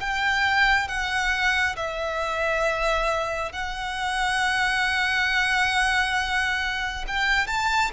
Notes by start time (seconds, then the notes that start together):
0.00 G5
0.88 F#5
1.76 E5
3.52 F#5
7.07 G5
7.47 A5